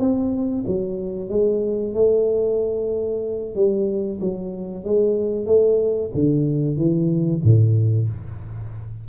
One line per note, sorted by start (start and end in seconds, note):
0.00 0.65 C4
0.67 1.30 F#3
1.30 1.94 G#3
1.94 3.55 A3
3.55 4.20 G3
4.21 4.84 F#3
4.84 5.46 G#3
5.46 6.11 A3
6.14 6.77 D3
6.77 7.41 E3
7.44 8.09 A2